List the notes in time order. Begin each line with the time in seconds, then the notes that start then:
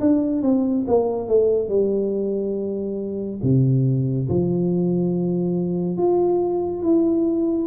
0.00 D4
0.42 C4
0.87 A#3
1.28 A3
1.69 G3
3.42 C3
4.29 F3
5.97 F4
6.83 E4